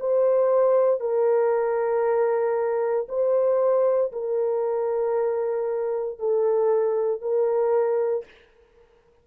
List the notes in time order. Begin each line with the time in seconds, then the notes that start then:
0.00 C5
1.01 A#4
3.09 C5
4.13 A#4
6.19 A4
7.22 A#4